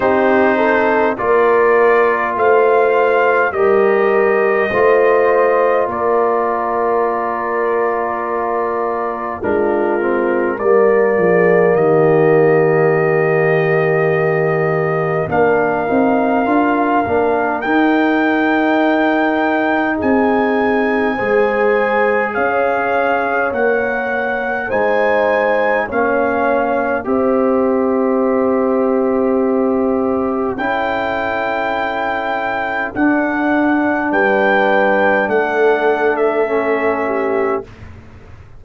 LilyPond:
<<
  \new Staff \with { instrumentName = "trumpet" } { \time 4/4 \tempo 4 = 51 c''4 d''4 f''4 dis''4~ | dis''4 d''2. | ais'4 d''4 dis''2~ | dis''4 f''2 g''4~ |
g''4 gis''2 f''4 | fis''4 gis''4 f''4 e''4~ | e''2 g''2 | fis''4 g''4 fis''8. e''4~ e''16 | }
  \new Staff \with { instrumentName = "horn" } { \time 4/4 g'8 a'8 ais'4 c''4 ais'4 | c''4 ais'2. | f'4 ais'8 gis'8 g'2~ | g'4 ais'2.~ |
ais'4 gis'4 c''4 cis''4~ | cis''4 c''4 cis''4 c''4~ | c''2 a'2~ | a'4 b'4 a'4. g'8 | }
  \new Staff \with { instrumentName = "trombone" } { \time 4/4 dis'4 f'2 g'4 | f'1 | d'8 c'8 ais2.~ | ais4 d'8 dis'8 f'8 d'8 dis'4~ |
dis'2 gis'2 | ais'4 dis'4 cis'4 g'4~ | g'2 e'2 | d'2. cis'4 | }
  \new Staff \with { instrumentName = "tuba" } { \time 4/4 c'4 ais4 a4 g4 | a4 ais2. | gis4 g8 f8 dis2~ | dis4 ais8 c'8 d'8 ais8 dis'4~ |
dis'4 c'4 gis4 cis'4 | ais4 gis4 ais4 c'4~ | c'2 cis'2 | d'4 g4 a2 | }
>>